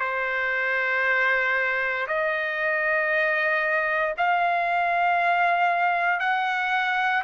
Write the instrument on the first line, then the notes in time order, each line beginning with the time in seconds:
trumpet
0.00 C5
2.07 D#5
4.17 F5
6.19 F#5